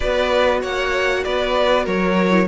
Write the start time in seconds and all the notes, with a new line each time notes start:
0.00 B3 F#4 B4 D5
0.61 A#3 C#5 F#5
1.23 B3 B4 D5
1.84 F#3 A#4 C#5
2.30 E4